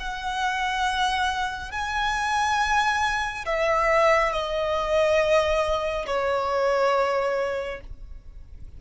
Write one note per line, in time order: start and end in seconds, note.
0.00 1.72 F#5
1.72 3.45 G#5
3.46 4.32 E5
4.32 6.06 D#5
6.07 7.81 C#5